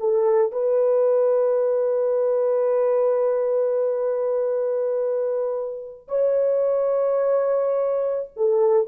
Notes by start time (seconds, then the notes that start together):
0.00 A4
0.52 B4
6.09 C#5
8.37 A4